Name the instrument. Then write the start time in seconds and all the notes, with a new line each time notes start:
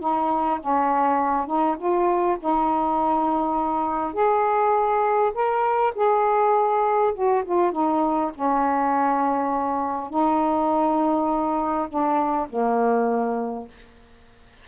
saxophone
0.00 D#4
0.60 C#4
1.47 D#4
1.78 F4
2.40 D#4
4.13 G#4
5.34 A#4
5.95 G#4
7.14 F#4
7.45 F4
7.72 D#4
8.35 C#4
10.10 D#4
11.88 D4
12.49 A#3